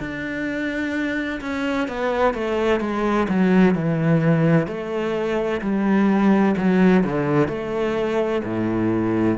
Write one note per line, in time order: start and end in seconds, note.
0.00 1.41 D4
1.41 1.87 C#4
1.87 2.34 B3
2.34 2.80 A3
2.80 3.27 G#3
3.29 3.75 F#3
3.75 4.67 E3
4.67 5.61 A3
5.61 6.55 G3
6.57 7.03 F#3
7.03 7.48 D3
7.48 8.42 A3
8.44 9.37 A2